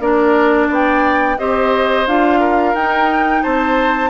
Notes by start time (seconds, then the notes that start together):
0.00 A#3 D4 A#4 D5
0.68 B3 D5 G5
1.39 C4 G4 C5 D#5
2.07 D4 F4 F5
2.40 A#4
2.75 D#4 G5
3.44 C4 C5 A5